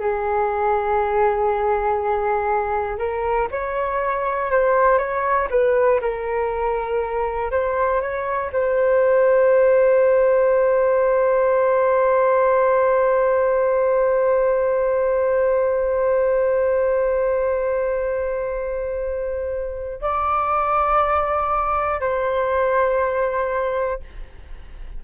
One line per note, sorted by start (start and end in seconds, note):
0.00 2.99 G#4
2.99 3.49 A#4
3.52 4.51 C#5
4.51 4.99 C5
4.99 5.49 C#5
5.50 6.00 B4
6.02 7.51 A#4
7.51 8.01 C5
8.02 8.52 C#5
8.52 20.02 C5
20.02 22.01 D5
22.01 24.01 C5